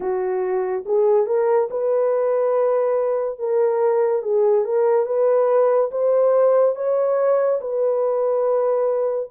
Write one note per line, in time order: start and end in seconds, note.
0.00 0.84 F#4
0.85 1.26 G#4
1.26 1.68 A#4
1.70 3.38 B4
3.38 4.22 A#4
4.22 4.64 G#4
4.64 5.06 A#4
5.06 5.90 B4
5.91 6.75 C5
6.75 7.60 C#5
7.61 9.30 B4